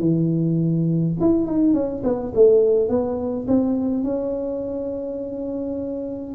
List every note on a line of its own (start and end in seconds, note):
0.00 1.15 E3
1.21 1.46 E4
1.46 1.74 D#4
1.74 2.03 C#4
2.04 2.33 B3
2.35 2.89 A3
2.89 3.47 B3
3.48 4.04 C4
4.04 6.35 C#4